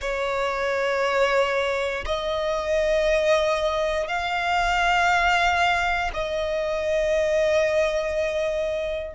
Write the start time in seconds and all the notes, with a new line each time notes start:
0.01 C#5
2.05 D#5
4.07 F5
6.13 D#5